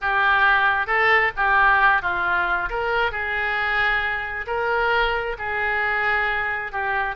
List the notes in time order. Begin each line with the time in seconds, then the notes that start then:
0.01 G4
0.86 A4
1.36 G4
2.02 F4
2.69 A#4
3.11 G#4
4.46 A#4
5.38 G#4
6.72 G4